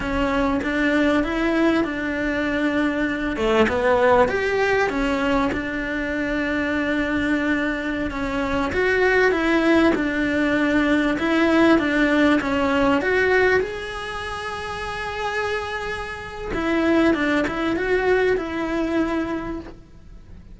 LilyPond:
\new Staff \with { instrumentName = "cello" } { \time 4/4 \tempo 4 = 98 cis'4 d'4 e'4 d'4~ | d'4. a8 b4 g'4 | cis'4 d'2.~ | d'4~ d'16 cis'4 fis'4 e'8.~ |
e'16 d'2 e'4 d'8.~ | d'16 cis'4 fis'4 gis'4.~ gis'16~ | gis'2. e'4 | d'8 e'8 fis'4 e'2 | }